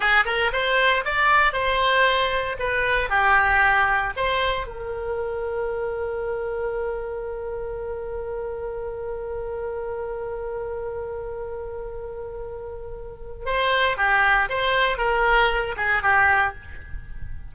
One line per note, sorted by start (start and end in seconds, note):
0.00 0.24 G#4
0.25 0.51 A#4
0.52 1.04 C5
1.05 1.53 D5
1.53 2.56 C5
2.59 3.09 B4
3.09 4.13 G4
4.16 4.66 C5
4.66 13.45 A#4
13.45 13.97 C5
13.97 14.49 G4
14.49 14.97 C5
14.97 15.75 A#4
15.76 16.02 G#4
16.02 16.54 G4